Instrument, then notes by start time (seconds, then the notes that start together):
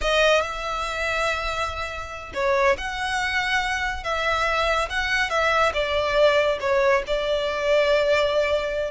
violin
0.01 D#5
0.41 E5
2.34 C#5
2.77 F#5
4.03 E5
4.89 F#5
5.29 E5
5.73 D5
6.60 C#5
7.06 D5